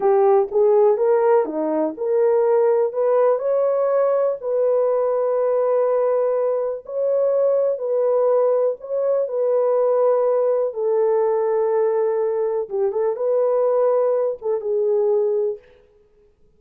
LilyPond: \new Staff \with { instrumentName = "horn" } { \time 4/4 \tempo 4 = 123 g'4 gis'4 ais'4 dis'4 | ais'2 b'4 cis''4~ | cis''4 b'2.~ | b'2 cis''2 |
b'2 cis''4 b'4~ | b'2 a'2~ | a'2 g'8 a'8 b'4~ | b'4. a'8 gis'2 | }